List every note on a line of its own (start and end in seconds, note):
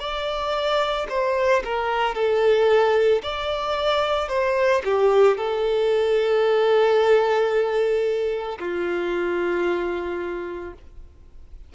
0.00 1.07 D5
1.10 1.63 C5
1.65 2.15 A#4
2.15 3.22 A4
3.23 4.29 D5
4.29 4.82 C5
4.85 5.38 G4
5.38 8.59 A4
8.60 10.74 F4